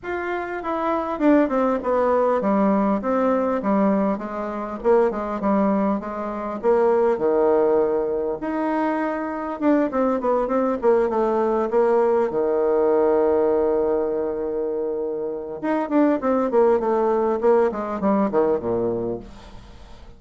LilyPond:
\new Staff \with { instrumentName = "bassoon" } { \time 4/4 \tempo 4 = 100 f'4 e'4 d'8 c'8 b4 | g4 c'4 g4 gis4 | ais8 gis8 g4 gis4 ais4 | dis2 dis'2 |
d'8 c'8 b8 c'8 ais8 a4 ais8~ | ais8 dis2.~ dis8~ | dis2 dis'8 d'8 c'8 ais8 | a4 ais8 gis8 g8 dis8 ais,4 | }